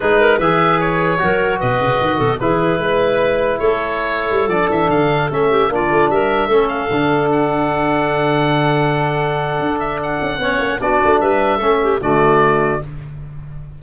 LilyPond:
<<
  \new Staff \with { instrumentName = "oboe" } { \time 4/4 \tempo 4 = 150 b'4 e''4 cis''2 | dis''2 b'2~ | b'4 cis''2~ cis''16 d''8 e''16~ | e''16 f''4 e''4 d''4 e''8.~ |
e''8. f''4. fis''4.~ fis''16~ | fis''1~ | fis''8 e''8 fis''2 d''4 | e''2 d''2 | }
  \new Staff \with { instrumentName = "clarinet" } { \time 4/4 gis'8 ais'8 b'2 ais'4 | b'4. a'8 gis'4 b'4~ | b'4 a'2.~ | a'4.~ a'16 g'8 f'4 ais'8.~ |
ais'16 a'2.~ a'8.~ | a'1~ | a'2 cis''4 fis'4 | b'4 a'8 g'8 fis'2 | }
  \new Staff \with { instrumentName = "trombone" } { \time 4/4 dis'4 gis'2 fis'4~ | fis'2 e'2~ | e'2.~ e'16 d'8.~ | d'4~ d'16 cis'4 d'4.~ d'16~ |
d'16 cis'4 d'2~ d'8.~ | d'1~ | d'2 cis'4 d'4~ | d'4 cis'4 a2 | }
  \new Staff \with { instrumentName = "tuba" } { \time 4/4 gis4 e2 fis4 | b,8 cis8 dis8 b,8 e4 gis4~ | gis4 a4.~ a16 g8 f8 e16~ | e16 d4 a4 ais8 a8 g8.~ |
g16 a4 d2~ d8.~ | d1 | d'4. cis'8 b8 ais8 b8 a8 | g4 a4 d2 | }
>>